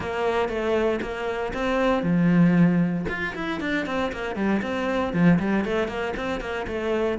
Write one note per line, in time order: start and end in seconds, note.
0.00 0.48 A#3
0.48 1.00 A3
1.01 1.52 A#3
1.53 2.03 C4
2.03 3.05 F3
3.08 3.34 F4
3.34 3.60 E4
3.60 3.86 D4
3.86 4.11 C4
4.12 4.35 A#3
4.35 4.61 G3
4.62 5.13 C4
5.13 5.38 F3
5.39 5.64 G3
5.64 5.88 A3
5.88 6.13 A#3
6.16 6.40 C4
6.40 6.66 A#3
6.67 7.18 A3